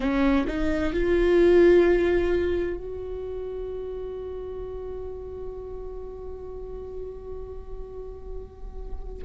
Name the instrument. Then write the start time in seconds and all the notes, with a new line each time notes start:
viola
0.00 C#4
0.47 D#4
0.93 F4
2.77 F#4